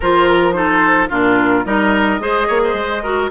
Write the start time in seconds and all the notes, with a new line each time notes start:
0.00 F3 F4 A#4 C5
0.28 A#4
0.52 D#4 A4 C5
1.09 A#2 D4 F4 A#4
1.64 G3 D#4 A#4 D#5
2.19 G#3 G#4 C5
2.47 A#3 C#5
2.64 C5
2.73 G#3
3.02 F#4 A#4